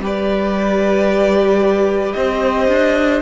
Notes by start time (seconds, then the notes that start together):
0.00 G3 G4 B4 D5
2.13 C4 C5 D#5
2.68 D4